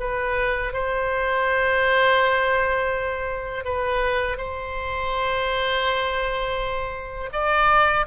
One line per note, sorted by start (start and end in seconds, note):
0.00 0.73 B4
0.73 3.65 C5
3.65 4.37 B4
4.37 7.30 C5
7.33 8.06 D5